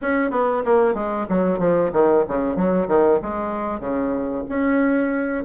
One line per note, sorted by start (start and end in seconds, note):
0.01 0.30 C#4
0.30 0.62 B3
0.65 0.94 A#3
0.94 1.26 G#3
1.29 1.58 F#3
1.58 1.90 F3
1.92 2.24 D#3
2.28 2.55 C#3
2.55 2.87 F#3
2.88 3.19 D#3
3.22 3.79 G#3
3.79 4.43 C#3
4.49 5.44 C#4